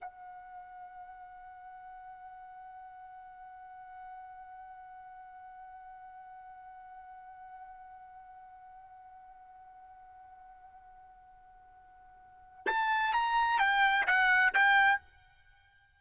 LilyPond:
\new Staff \with { instrumentName = "trumpet" } { \time 4/4 \tempo 4 = 128 fis''1~ | fis''1~ | fis''1~ | fis''1~ |
fis''1~ | fis''1~ | fis''2. a''4 | ais''4 g''4 fis''4 g''4 | }